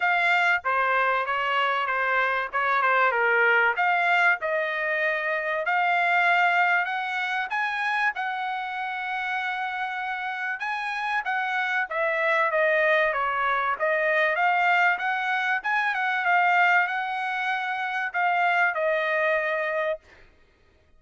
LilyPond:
\new Staff \with { instrumentName = "trumpet" } { \time 4/4 \tempo 4 = 96 f''4 c''4 cis''4 c''4 | cis''8 c''8 ais'4 f''4 dis''4~ | dis''4 f''2 fis''4 | gis''4 fis''2.~ |
fis''4 gis''4 fis''4 e''4 | dis''4 cis''4 dis''4 f''4 | fis''4 gis''8 fis''8 f''4 fis''4~ | fis''4 f''4 dis''2 | }